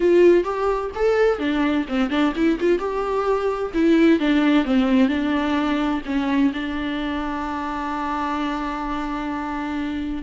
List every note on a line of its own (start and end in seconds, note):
0.00 0.44 F4
0.44 0.90 G4
0.95 1.38 A4
1.38 1.85 D4
1.88 2.10 C4
2.10 2.33 D4
2.35 2.59 E4
2.60 2.78 F4
2.78 3.71 G4
3.74 4.19 E4
4.19 4.64 D4
4.64 5.08 C4
5.08 6.01 D4
6.05 6.52 C#4
6.53 10.22 D4